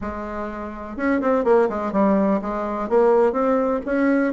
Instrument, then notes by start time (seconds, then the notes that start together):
bassoon
0.01 G#3
0.96 C#4
1.21 C4
1.44 A#3
1.69 G#3
1.92 G3
2.41 G#3
2.89 A#3
3.32 C4
3.85 C#4